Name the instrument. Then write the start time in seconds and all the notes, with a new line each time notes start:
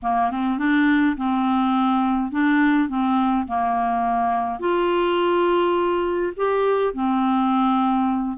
clarinet
0.02 A#3
0.30 C4
0.58 D4
1.17 C4
2.31 D4
2.88 C4
3.47 A#3
4.59 F4
6.36 G4
6.93 C4